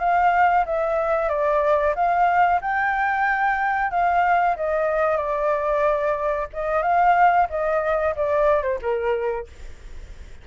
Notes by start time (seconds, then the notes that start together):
0.00 F5
0.66 E5
1.29 D5
1.95 F5
2.61 G5
3.91 F5
4.57 D#5
5.17 D5
6.53 D#5
6.83 F5
7.50 D#5
8.16 D5
8.63 C5
8.82 A#4